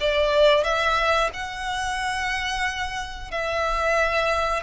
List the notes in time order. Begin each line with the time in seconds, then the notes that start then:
0.00 D5
0.63 E5
1.33 F#5
3.31 E5